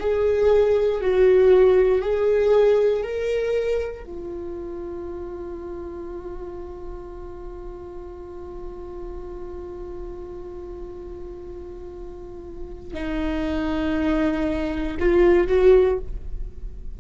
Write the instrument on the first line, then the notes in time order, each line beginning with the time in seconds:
viola
0.00 G#4
1.01 F#4
2.02 G#4
3.03 A#4
4.04 F4
12.94 D#4
15.00 F4
15.48 F#4